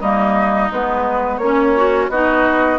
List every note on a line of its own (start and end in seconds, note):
0.00 0.70 G3
0.00 0.71 A#3
0.00 1.40 D#4
0.00 0.71 D#5
0.70 1.38 G#3
0.70 1.42 B3
0.70 1.37 B4
1.37 2.08 A#3
1.37 1.76 C#4
1.37 2.10 C#4
1.37 2.07 C#5
1.76 2.11 F#4
2.08 2.78 B3
2.08 2.78 D#4
2.08 2.78 F#4
2.08 2.78 D#5